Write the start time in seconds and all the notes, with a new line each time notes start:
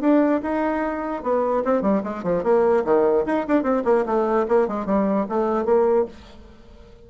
0.00 D4
0.42 D#4
1.23 B3
1.64 C4
1.81 G3
2.03 G#3
2.23 F3
2.43 A#3
2.84 D#3
3.25 D#4
3.47 D4
3.62 C4
3.84 A#3
4.05 A3
4.48 A#3
4.68 G#3
4.85 G3
5.29 A3
5.64 A#3